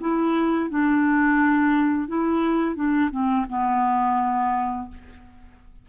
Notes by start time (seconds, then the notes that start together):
0.00 E4
0.70 D4
2.08 E4
2.75 D4
3.11 C4
3.49 B3